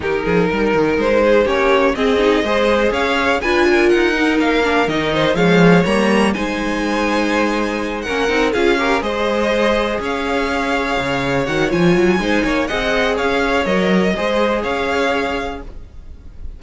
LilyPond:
<<
  \new Staff \with { instrumentName = "violin" } { \time 4/4 \tempo 4 = 123 ais'2 c''4 cis''4 | dis''2 f''4 gis''4 | fis''4 f''4 dis''4 f''4 | ais''4 gis''2.~ |
gis''8 fis''4 f''4 dis''4.~ | dis''8 f''2. fis''8 | gis''2 fis''4 f''4 | dis''2 f''2 | }
  \new Staff \with { instrumentName = "violin" } { \time 4/4 g'8 gis'8 ais'4. gis'8 g'4 | gis'4 c''4 cis''4 b'8 ais'8~ | ais'2~ ais'8 c''8 cis''4~ | cis''4 c''2.~ |
c''8 ais'4 gis'8 ais'8 c''4.~ | c''8 cis''2.~ cis''8~ | cis''4 c''8 cis''8 dis''4 cis''4~ | cis''4 c''4 cis''2 | }
  \new Staff \with { instrumentName = "viola" } { \time 4/4 dis'2. cis'4 | c'8 dis'8 gis'2 f'4~ | f'8 dis'4 d'8 dis'4 gis4 | ais4 dis'2.~ |
dis'8 cis'8 dis'8 f'8 g'8 gis'4.~ | gis'2.~ gis'8 fis'8 | f'4 dis'4 gis'2 | ais'4 gis'2. | }
  \new Staff \with { instrumentName = "cello" } { \time 4/4 dis8 f8 g8 dis8 gis4 ais4 | c'4 gis4 cis'4 d'4 | dis'4 ais4 dis4 f4 | g4 gis2.~ |
gis8 ais8 c'8 cis'4 gis4.~ | gis8 cis'2 cis4 dis8 | f8 fis8 gis8 ais8 c'4 cis'4 | fis4 gis4 cis'2 | }
>>